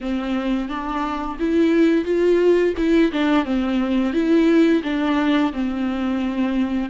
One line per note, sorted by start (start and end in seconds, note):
0.00 0.68 C4
0.68 1.37 D4
1.39 2.05 E4
2.05 2.74 F4
2.77 3.11 E4
3.12 3.44 D4
3.44 4.13 C4
4.13 4.82 E4
4.83 5.52 D4
5.52 6.89 C4